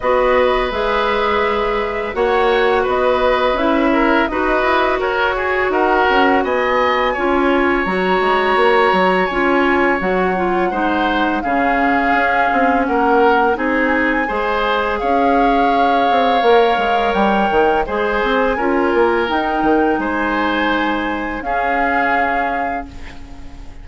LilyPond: <<
  \new Staff \with { instrumentName = "flute" } { \time 4/4 \tempo 4 = 84 dis''4 e''2 fis''4 | dis''4 e''4 dis''4 cis''4 | fis''4 gis''2 ais''4~ | ais''4 gis''4 fis''2 |
f''2 fis''4 gis''4~ | gis''4 f''2. | g''4 gis''2 g''4 | gis''2 f''2 | }
  \new Staff \with { instrumentName = "oboe" } { \time 4/4 b'2. cis''4 | b'4. ais'8 b'4 ais'8 gis'8 | ais'4 dis''4 cis''2~ | cis''2. c''4 |
gis'2 ais'4 gis'4 | c''4 cis''2.~ | cis''4 c''4 ais'2 | c''2 gis'2 | }
  \new Staff \with { instrumentName = "clarinet" } { \time 4/4 fis'4 gis'2 fis'4~ | fis'4 e'4 fis'2~ | fis'2 f'4 fis'4~ | fis'4 f'4 fis'8 f'8 dis'4 |
cis'2. dis'4 | gis'2. ais'4~ | ais'4 gis'4 f'4 dis'4~ | dis'2 cis'2 | }
  \new Staff \with { instrumentName = "bassoon" } { \time 4/4 b4 gis2 ais4 | b4 cis'4 dis'8 e'8 fis'4 | dis'8 cis'8 b4 cis'4 fis8 gis8 | ais8 fis8 cis'4 fis4 gis4 |
cis4 cis'8 c'8 ais4 c'4 | gis4 cis'4. c'8 ais8 gis8 | g8 dis8 gis8 c'8 cis'8 ais8 dis'8 dis8 | gis2 cis'2 | }
>>